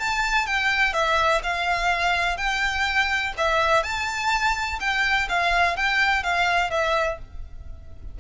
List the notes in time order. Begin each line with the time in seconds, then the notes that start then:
0.00 A5
0.47 G5
0.94 E5
1.44 F5
2.38 G5
3.38 E5
3.84 A5
4.80 G5
5.29 F5
5.77 G5
6.24 F5
6.71 E5